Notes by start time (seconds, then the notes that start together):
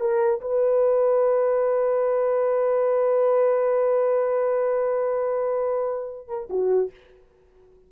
0.00 A#4
0.41 B4
6.28 A#4
6.50 F#4